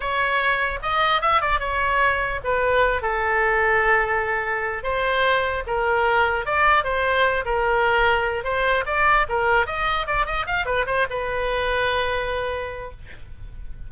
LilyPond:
\new Staff \with { instrumentName = "oboe" } { \time 4/4 \tempo 4 = 149 cis''2 dis''4 e''8 d''8 | cis''2 b'4. a'8~ | a'1 | c''2 ais'2 |
d''4 c''4. ais'4.~ | ais'4 c''4 d''4 ais'4 | dis''4 d''8 dis''8 f''8 b'8 c''8 b'8~ | b'1 | }